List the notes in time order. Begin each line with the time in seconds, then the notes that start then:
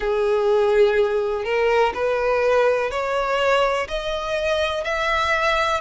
0.00 G#4
1.44 A#4
1.94 B4
2.90 C#5
3.88 D#5
4.84 E5